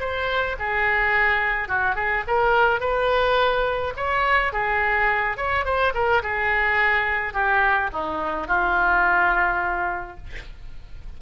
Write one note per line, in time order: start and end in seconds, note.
0.00 0.57 C5
0.59 1.69 G#4
1.69 1.95 F#4
1.95 2.24 G#4
2.28 2.80 A#4
2.80 3.94 B4
3.97 4.53 C#5
4.53 5.37 G#4
5.37 5.65 C#5
5.65 5.93 C5
5.94 6.23 A#4
6.23 7.34 G#4
7.34 7.90 G4
7.93 8.48 D#4
8.48 10.17 F4